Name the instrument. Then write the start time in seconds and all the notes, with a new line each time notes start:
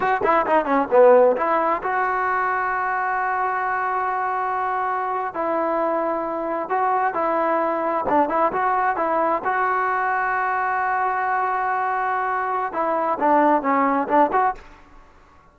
trombone
0.00 F#4
0.23 E4
0.46 D#4
0.65 C#4
0.90 B3
1.36 E4
1.83 F#4
5.33 E4
6.69 F#4
7.14 E4
8.08 D4
8.29 E4
8.52 F#4
8.96 E4
9.44 F#4
12.72 E4
13.19 D4
13.62 C#4
14.08 D4
14.32 F#4